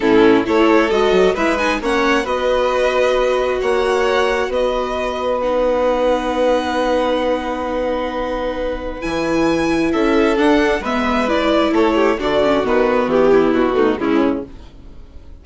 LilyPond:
<<
  \new Staff \with { instrumentName = "violin" } { \time 4/4 \tempo 4 = 133 a'4 cis''4 dis''4 e''8 gis''8 | fis''4 dis''2. | fis''2 dis''2 | fis''1~ |
fis''1 | gis''2 e''4 fis''4 | e''4 d''4 cis''4 d''4 | b'4 g'4 fis'4 e'4 | }
  \new Staff \with { instrumentName = "violin" } { \time 4/4 e'4 a'2 b'4 | cis''4 b'2. | cis''2 b'2~ | b'1~ |
b'1~ | b'2 a'2 | b'2 a'8 g'8 fis'4~ | fis'4. e'4 dis'8 cis'4 | }
  \new Staff \with { instrumentName = "viola" } { \time 4/4 cis'4 e'4 fis'4 e'8 dis'8 | cis'4 fis'2.~ | fis'1 | dis'1~ |
dis'1 | e'2. d'4 | b4 e'2 d'8 cis'8 | b2~ b8 a8 gis4 | }
  \new Staff \with { instrumentName = "bassoon" } { \time 4/4 a,4 a4 gis8 fis8 gis4 | ais4 b2. | ais2 b2~ | b1~ |
b1 | e2 cis'4 d'4 | gis2 a4 d4 | dis4 e4 b,4 cis4 | }
>>